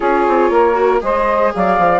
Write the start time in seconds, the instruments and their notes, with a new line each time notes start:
0.00 bassoon C#4, viola F4, saxophone G#4, flute C#5
0.27 bassoon C4
0.50 bassoon A#3, saxophone A#4
0.73 viola F#4
1.01 bassoon G#3, viola G#4, saxophone C5, flute D#5
1.54 bassoon F#3, saxophone D5, flute F5
1.78 bassoon F3